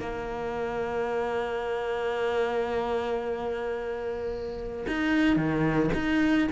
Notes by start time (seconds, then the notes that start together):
0.00 A#3
4.88 D#4
5.37 D#3
5.94 D#4